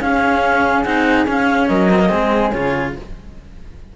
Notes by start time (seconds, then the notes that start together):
0.00 C#4 G#4 F5
0.84 C4 D#4 F#5
1.27 C#4 F5
1.68 F#3 A#4 D#5
1.91 C4
1.99 A#3
2.09 G#3 C4 G#4
2.51 C#3 F4 C#5